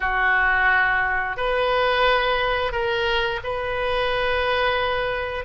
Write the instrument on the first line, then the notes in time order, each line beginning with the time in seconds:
oboe
0.00 F#4
1.36 B4
2.71 A#4
3.43 B4